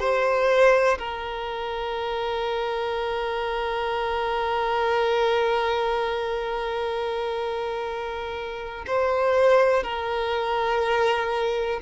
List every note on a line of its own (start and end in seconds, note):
0.00 0.98 C5
0.98 8.85 A#4
8.87 9.84 C5
9.84 11.80 A#4